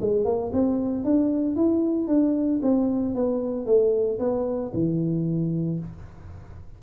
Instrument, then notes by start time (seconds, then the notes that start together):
tuba
0.00 G#3
0.24 A#3
0.52 C4
1.04 D4
1.56 E4
2.07 D4
2.62 C4
3.14 B3
3.66 A3
4.19 B3
4.73 E3